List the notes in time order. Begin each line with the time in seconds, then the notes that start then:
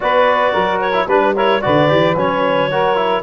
0.00 B3 F#4 B4 D5
0.51 F#3 A#4
0.81 C#5
0.92 E4
1.06 G3 D4 B4
1.35 E4 A#4 C#5
1.61 D3 F#4 B4 D5
1.88 E3 G4
2.16 F#3 C#4 C#5
2.70 F#4 A#4
2.95 E4